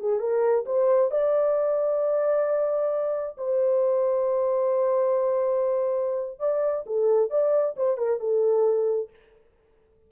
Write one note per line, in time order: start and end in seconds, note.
0.00 0.20 G#4
0.20 0.65 A#4
0.66 1.11 C5
1.11 3.36 D5
3.37 6.40 C5
6.40 6.85 D5
6.86 7.30 A4
7.30 7.76 D5
7.77 7.98 C5
7.98 8.20 A#4
8.20 9.10 A4